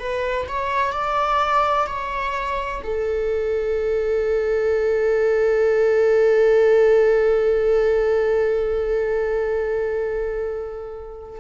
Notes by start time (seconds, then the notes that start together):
0.00 B4
0.49 C#5
0.93 D5
1.87 C#5
2.84 A4